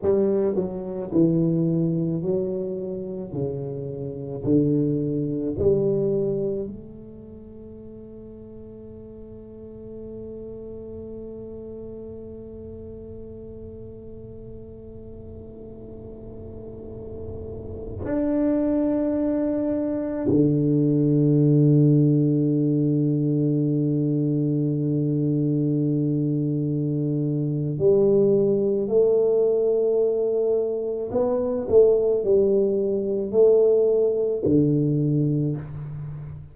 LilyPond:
\new Staff \with { instrumentName = "tuba" } { \time 4/4 \tempo 4 = 54 g8 fis8 e4 fis4 cis4 | d4 g4 a2~ | a1~ | a1~ |
a16 d'2 d4.~ d16~ | d1~ | d4 g4 a2 | b8 a8 g4 a4 d4 | }